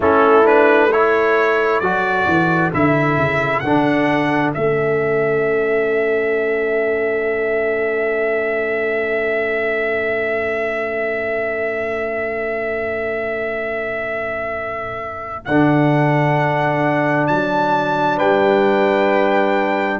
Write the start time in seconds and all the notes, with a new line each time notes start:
0.00 A3 C#4 E4 A4
0.44 D4 B4
0.91 E4 A4 C#5
1.80 F#3 F#4 D5
2.26 E3
2.73 D3 E4 E5
3.17 C#3
3.59 D3 D4 F#5
4.53 A3 C#4 E5
15.45 D3 D4 F#5
17.27 F#3 A5
18.16 G3 B4 G5